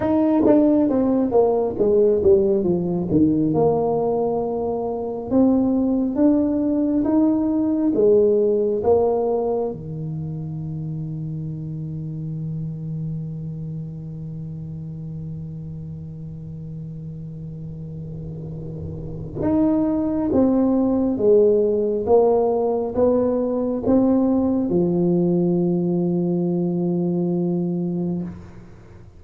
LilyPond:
\new Staff \with { instrumentName = "tuba" } { \time 4/4 \tempo 4 = 68 dis'8 d'8 c'8 ais8 gis8 g8 f8 dis8 | ais2 c'4 d'4 | dis'4 gis4 ais4 dis4~ | dis1~ |
dis1~ | dis2 dis'4 c'4 | gis4 ais4 b4 c'4 | f1 | }